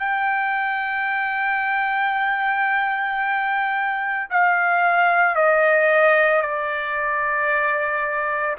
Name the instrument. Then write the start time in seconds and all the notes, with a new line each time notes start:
trumpet
0.00 G5
4.31 F5
5.36 D#5
6.42 D5